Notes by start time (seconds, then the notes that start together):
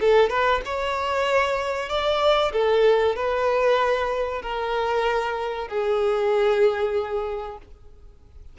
0.00 A4
0.29 B4
0.65 C#5
1.89 D5
2.52 A4
3.15 B4
4.42 A#4
5.68 G#4